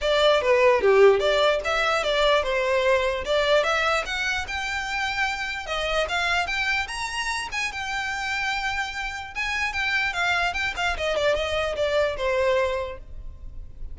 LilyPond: \new Staff \with { instrumentName = "violin" } { \time 4/4 \tempo 4 = 148 d''4 b'4 g'4 d''4 | e''4 d''4 c''2 | d''4 e''4 fis''4 g''4~ | g''2 dis''4 f''4 |
g''4 ais''4. gis''8 g''4~ | g''2. gis''4 | g''4 f''4 g''8 f''8 dis''8 d''8 | dis''4 d''4 c''2 | }